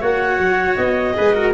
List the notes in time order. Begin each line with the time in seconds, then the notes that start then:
0.00 A#3 F#4 C#5 F#5
0.38 F#3
0.76 B3 D#5
1.14 G#3 G#4 B4
1.33 F#4 A#4